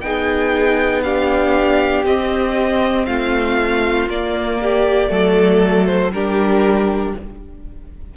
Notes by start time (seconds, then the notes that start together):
0.00 B3 D#4 G#4 G5
1.03 D4 G4 F5
2.04 C4 D#5
3.06 A3 F4 F5
4.07 A#3 D5
4.61 G4
5.07 F#3 A3 A4
5.85 C5
6.12 G3 D4 G4 A#4